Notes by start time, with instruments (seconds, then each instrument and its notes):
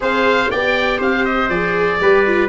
0.00 tuba C4, viola G#4, trumpet C5, oboe F5
0.50 tuba B3, viola G4, trumpet D5, oboe G5
0.98 tuba C4, trumpet C5, oboe F5
1.25 oboe D#5
1.49 tuba F3, viola G#4, oboe D5
2.00 tuba G3, viola G4, trumpet B4
2.26 viola F4